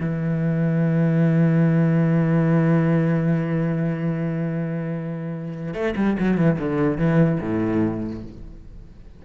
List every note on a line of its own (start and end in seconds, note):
0.00 5.73 E3
5.73 5.94 A3
5.96 6.16 G3
6.19 6.37 F#3
6.37 6.58 E3
6.58 6.97 D3
6.97 7.38 E3
7.40 8.22 A2